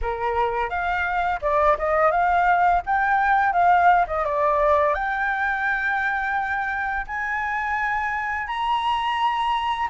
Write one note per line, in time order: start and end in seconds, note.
0.01 0.69 A#4
0.69 1.40 F5
1.41 1.76 D5
1.78 2.11 D#5
2.11 2.81 F5
2.86 3.52 G5
3.52 4.05 F5
4.07 4.24 D#5
4.24 4.94 D5
4.94 7.06 G5
7.06 8.47 G#5
8.47 9.88 A#5